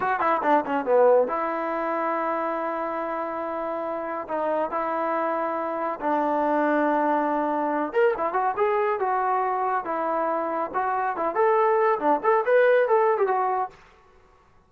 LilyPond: \new Staff \with { instrumentName = "trombone" } { \time 4/4 \tempo 4 = 140 fis'8 e'8 d'8 cis'8 b4 e'4~ | e'1~ | e'2 dis'4 e'4~ | e'2 d'2~ |
d'2~ d'8 ais'8 e'8 fis'8 | gis'4 fis'2 e'4~ | e'4 fis'4 e'8 a'4. | d'8 a'8 b'4 a'8. g'16 fis'4 | }